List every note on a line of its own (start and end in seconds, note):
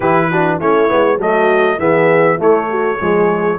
0.00 0.60 E3
0.00 0.32 E4
0.00 0.30 G4
0.00 0.59 B4
0.31 0.60 D4
0.31 0.59 F#4
0.59 0.91 A3
0.59 0.88 C#4
0.59 1.19 E4
0.59 1.20 C#5
0.88 1.17 G#3
0.88 1.18 B3
1.17 1.77 F#3
1.17 1.79 A3
1.17 1.79 F#4
1.17 1.79 D#5
1.78 2.38 E3
1.78 2.38 B3
1.78 2.38 G#4
1.78 2.39 E5
2.38 2.98 A3
2.38 2.99 A3
2.38 2.68 E4
2.38 3.58 C#5
2.69 2.99 F#4
2.99 3.58 F3
2.99 3.58 G#3
2.99 3.58 G#4